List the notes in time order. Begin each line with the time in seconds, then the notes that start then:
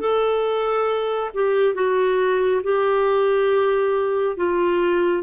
0.00 A4
1.34 G4
1.75 F#4
2.63 G4
4.37 F4